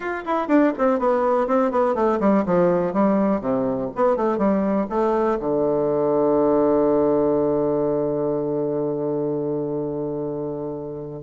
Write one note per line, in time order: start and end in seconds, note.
0.00 0.24 F4
0.25 0.48 E4
0.48 0.72 D4
0.77 0.99 C4
0.99 1.47 B3
1.47 1.71 C4
1.71 1.94 B3
1.94 2.19 A3
2.20 2.44 G3
2.45 2.93 F3
2.93 3.41 G3
3.41 3.89 C3
3.95 4.16 B3
4.16 4.38 A3
4.38 4.86 G3
4.89 5.38 A3
5.39 11.23 D3